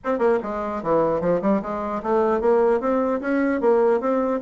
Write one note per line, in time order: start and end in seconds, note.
0.04 0.19 C4
0.19 0.39 A#3
0.42 0.82 G#3
0.83 1.21 E3
1.21 1.41 F3
1.41 1.61 G3
1.62 2.02 G#3
2.03 2.40 A3
2.40 2.80 A#3
2.80 3.20 C4
3.21 3.60 C#4
3.60 4.00 A#3
4.00 4.40 C4